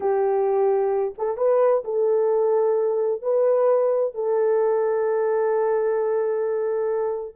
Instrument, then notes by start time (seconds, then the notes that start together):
horn
0.00 G4
1.18 A4
1.37 B4
1.84 A4
3.22 B4
4.14 A4